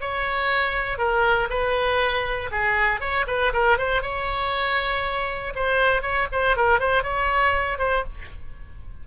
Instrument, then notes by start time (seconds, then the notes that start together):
oboe
0.00 C#5
0.98 A#4
1.49 B4
2.51 G#4
3.00 C#5
3.27 B4
3.53 A#4
3.78 C5
4.02 C#5
5.55 C5
6.02 C#5
6.32 C5
6.56 A#4
6.79 C5
7.03 C#5
7.78 C5